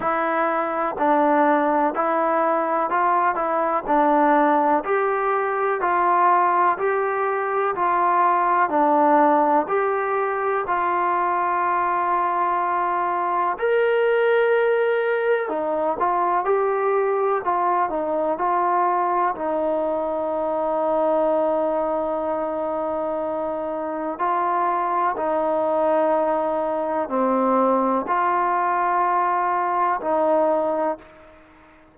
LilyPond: \new Staff \with { instrumentName = "trombone" } { \time 4/4 \tempo 4 = 62 e'4 d'4 e'4 f'8 e'8 | d'4 g'4 f'4 g'4 | f'4 d'4 g'4 f'4~ | f'2 ais'2 |
dis'8 f'8 g'4 f'8 dis'8 f'4 | dis'1~ | dis'4 f'4 dis'2 | c'4 f'2 dis'4 | }